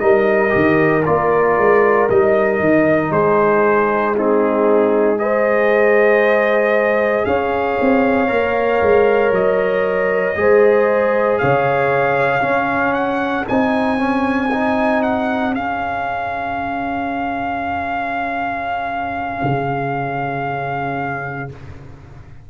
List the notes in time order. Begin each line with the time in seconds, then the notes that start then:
0.00 G3 D#4 A#4 D#5
0.50 D#3 G4
1.06 A#3 F4 D5
1.58 G#3
2.10 G3 D#4 D#5
2.60 D#3
3.11 G#3 G#4 C5
4.16 C4 D#4 G#4
5.18 G#4 C5 D#5
7.25 C#4 C#5 F5
7.81 C4
8.28 A#3 A#4
8.82 G#3
9.31 F#3 D#5
10.36 G#3 G#4 C5
11.39 C#3 C#5 F5
12.41 C#4 G#4
12.94 F#5
13.48 C4 D#4 G#5
13.98 C#4
14.52 D#4
15.03 F#5
15.54 C#4 F5
19.43 C#3